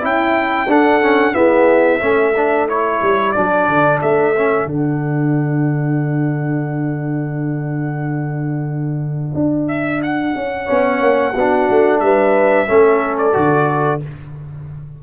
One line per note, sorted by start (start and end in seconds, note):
0.00 0.66 C#4
0.00 0.67 E4
0.00 0.71 G5
0.66 1.33 D4
0.66 1.01 D4
0.66 1.34 A4
0.66 1.34 F#5
1.01 1.33 C#4
1.33 1.99 B3
1.33 2.01 E4
1.33 2.00 G#4
1.33 2.67 E5
2.00 3.01 A3
2.00 2.33 C#4
2.00 10.64 A4
2.36 2.68 D4
2.68 3.35 E4
2.68 3.32 C#5
3.02 3.35 G3
3.32 3.67 F#3
3.32 4.35 D4
3.32 3.98 D5
3.67 4.01 D3
4.01 4.66 A3
4.01 4.68 E5
4.36 4.67 C#4
4.66 9.32 D3
4.66 10.66 D4
4.66 9.68 F#5
9.34 10.34 D4
9.68 10.01 E5
10.02 12.00 F#5
10.35 10.68 C#4
10.64 11.00 B3
10.64 11.33 C#4
10.64 11.31 C#5
11.00 11.33 A#3
11.33 11.68 B3
11.33 12.67 D4
11.33 12.00 F#4
11.69 12.01 A3
12.00 12.67 G3
12.00 12.68 B4
12.00 13.16 E5
12.67 13.35 A3
12.67 13.32 C#4
12.67 14.02 A4
13.17 14.00 D5
13.32 14.02 D3
13.32 13.99 F#4